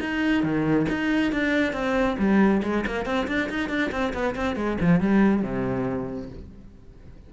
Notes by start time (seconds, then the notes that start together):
0.00 D#4
0.43 D#3
0.89 D#4
1.32 D4
1.73 C4
2.18 G3
2.63 G#3
2.86 A#3
3.05 C4
3.27 D4
3.49 D#4
3.69 D4
3.91 C4
4.13 B3
4.35 C4
4.56 G#3
4.80 F3
5.00 G3
5.42 C3